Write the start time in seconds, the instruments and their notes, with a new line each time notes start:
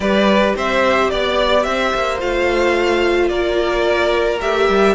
0.00 cello G3, viola G4, violin B4 D5
0.55 cello C4, violin C5 E5
1.10 cello B3, violin D5
1.63 cello C4, violin C5 E5
1.94 cello A#3
2.18 cello A3, viola F4, violin F5
3.28 cello A#3, violin A#4 D5
4.40 cello A3, viola G4, violin E5
4.68 cello G3